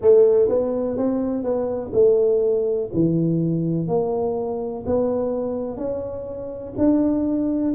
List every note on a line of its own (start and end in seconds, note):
0.01 0.48 A3
0.48 0.97 B3
0.97 1.43 C4
1.43 1.91 B3
1.93 2.89 A3
2.93 3.87 E3
3.87 4.84 A#3
4.86 5.77 B3
5.77 6.73 C#4
6.77 7.74 D4